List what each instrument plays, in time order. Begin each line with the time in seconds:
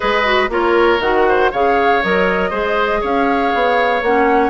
0.00 bassoon G#3, clarinet G#4, oboe B4, flute D#5
0.24 clarinet F#4
0.49 bassoon A#3, clarinet F4, oboe A#4, flute C#5
0.99 bassoon D#3, clarinet F#4, flute F#5
1.28 oboe C5
1.51 bassoon C#3, clarinet G#4, oboe C#5, flute F5
2.02 bassoon F#3, clarinet A#4, flute D#5
2.49 bassoon G#3, clarinet G#4, oboe C5
3.00 bassoon C#4, oboe C#5, flute F5
3.54 bassoon B3
4.02 bassoon A#3, clarinet C#4, flute F#5